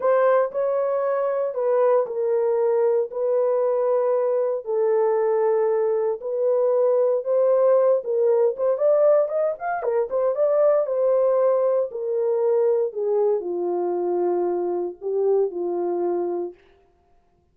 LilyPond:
\new Staff \with { instrumentName = "horn" } { \time 4/4 \tempo 4 = 116 c''4 cis''2 b'4 | ais'2 b'2~ | b'4 a'2. | b'2 c''4. ais'8~ |
ais'8 c''8 d''4 dis''8 f''8 ais'8 c''8 | d''4 c''2 ais'4~ | ais'4 gis'4 f'2~ | f'4 g'4 f'2 | }